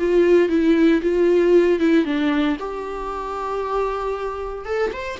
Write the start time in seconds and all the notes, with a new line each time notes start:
0.00 F4
0.49 E4
1.02 F4
1.80 E4
2.05 D4
2.60 G4
4.66 A4
4.93 C5